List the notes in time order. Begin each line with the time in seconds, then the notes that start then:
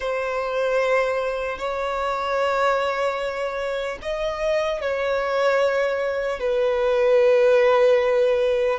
0.00 C5
1.58 C#5
4.02 D#5
4.81 C#5
6.39 B4